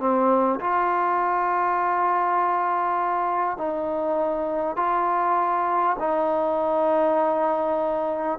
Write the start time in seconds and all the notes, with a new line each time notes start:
0.00 C4
0.61 F4
3.58 D#4
4.77 F4
6.00 D#4